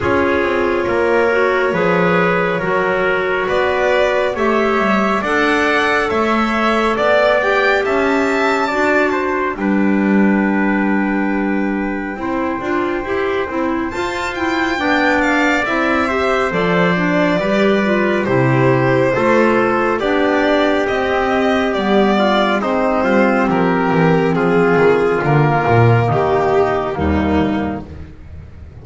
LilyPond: <<
  \new Staff \with { instrumentName = "violin" } { \time 4/4 \tempo 4 = 69 cis''1 | d''4 e''4 fis''4 e''4 | d''8 g''8 a''2 g''4~ | g''1 |
a''8 g''4 f''8 e''4 d''4~ | d''4 c''2 d''4 | dis''4 d''4 c''4 ais'4 | gis'4 ais'4 g'4 dis'4 | }
  \new Staff \with { instrumentName = "trumpet" } { \time 4/4 gis'4 ais'4 b'4 ais'4 | b'4 cis''4 d''4 cis''4 | d''4 e''4 d''8 c''8 b'4~ | b'2 c''2~ |
c''4 d''4. c''4. | b'4 g'4 a'4 g'4~ | g'4. f'8 dis'8 f'8 g'4 | f'2 dis'4 ais4 | }
  \new Staff \with { instrumentName = "clarinet" } { \time 4/4 f'4. fis'8 gis'4 fis'4~ | fis'4 g'4 a'2~ | a'8 g'4. fis'4 d'4~ | d'2 e'8 f'8 g'8 e'8 |
f'8 e'8 d'4 e'8 g'8 a'8 d'8 | g'8 f'8 e'4 f'4 d'4 | c'4 b4 c'2~ | c'4 ais2 g4 | }
  \new Staff \with { instrumentName = "double bass" } { \time 4/4 cis'8 c'8 ais4 f4 fis4 | b4 a8 g8 d'4 a4 | b4 cis'4 d'4 g4~ | g2 c'8 d'8 e'8 c'8 |
f'4 b4 c'4 f4 | g4 c4 a4 b4 | c'4 g4 gis8 g8 f8 e8 | f8 dis8 d8 ais,8 dis4 dis,4 | }
>>